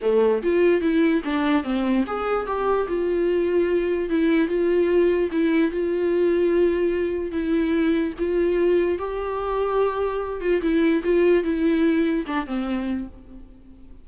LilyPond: \new Staff \with { instrumentName = "viola" } { \time 4/4 \tempo 4 = 147 a4 f'4 e'4 d'4 | c'4 gis'4 g'4 f'4~ | f'2 e'4 f'4~ | f'4 e'4 f'2~ |
f'2 e'2 | f'2 g'2~ | g'4. f'8 e'4 f'4 | e'2 d'8 c'4. | }